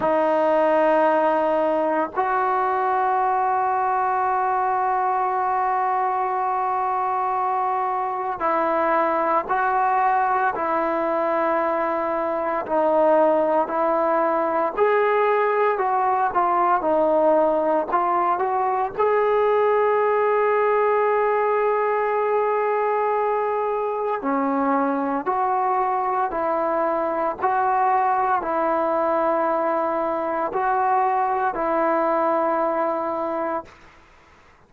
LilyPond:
\new Staff \with { instrumentName = "trombone" } { \time 4/4 \tempo 4 = 57 dis'2 fis'2~ | fis'1 | e'4 fis'4 e'2 | dis'4 e'4 gis'4 fis'8 f'8 |
dis'4 f'8 fis'8 gis'2~ | gis'2. cis'4 | fis'4 e'4 fis'4 e'4~ | e'4 fis'4 e'2 | }